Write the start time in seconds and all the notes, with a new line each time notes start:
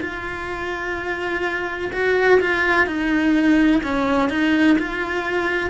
0.00 F4
1.92 F#4
2.40 F4
2.86 D#4
3.83 C#4
4.29 D#4
4.78 F4